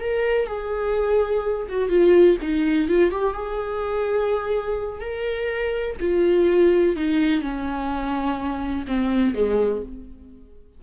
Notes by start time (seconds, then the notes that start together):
0.00 A#4
0.47 G#4
1.68 F#4
1.89 F4
2.42 D#4
2.88 F4
3.11 G4
3.33 G#4
5.00 A#4
6.00 F4
6.96 D#4
7.42 C#4
8.87 C4
9.34 G#3